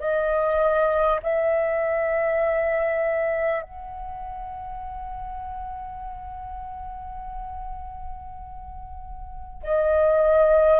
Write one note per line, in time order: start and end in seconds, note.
0.00 1.20 D#5
1.23 3.63 E5
3.63 9.63 F#5
9.63 10.80 D#5